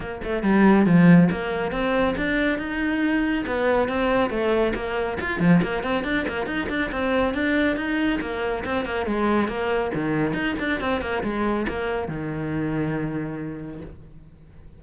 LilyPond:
\new Staff \with { instrumentName = "cello" } { \time 4/4 \tempo 4 = 139 ais8 a8 g4 f4 ais4 | c'4 d'4 dis'2 | b4 c'4 a4 ais4 | f'8 f8 ais8 c'8 d'8 ais8 dis'8 d'8 |
c'4 d'4 dis'4 ais4 | c'8 ais8 gis4 ais4 dis4 | dis'8 d'8 c'8 ais8 gis4 ais4 | dis1 | }